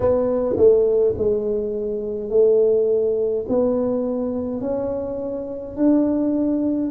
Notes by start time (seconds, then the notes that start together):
0.00 B3
0.56 A3
1.17 G#3
2.29 A3
3.48 B3
4.60 C#4
5.76 D4